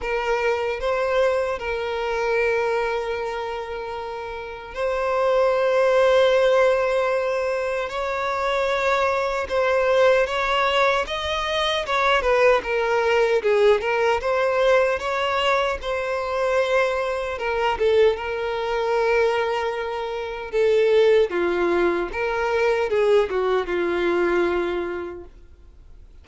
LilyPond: \new Staff \with { instrumentName = "violin" } { \time 4/4 \tempo 4 = 76 ais'4 c''4 ais'2~ | ais'2 c''2~ | c''2 cis''2 | c''4 cis''4 dis''4 cis''8 b'8 |
ais'4 gis'8 ais'8 c''4 cis''4 | c''2 ais'8 a'8 ais'4~ | ais'2 a'4 f'4 | ais'4 gis'8 fis'8 f'2 | }